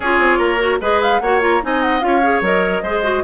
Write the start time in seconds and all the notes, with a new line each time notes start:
0.00 C#4 F4 G#4 C#5
0.18 C4
0.38 A#3 A#4
0.59 F#4
0.80 G#3 G#4 B4 D#5
1.02 F5
1.20 A#3 F#4 C#5 F#5
1.40 F4 A#5
1.62 C4 D#4 D#5 G#5
1.81 F#5
2.00 C#4 F4 F5
2.07 C#5
2.22 G#4
2.41 F#3 A#4 D#5
2.82 G#3 G#4 C5
3.03 F#4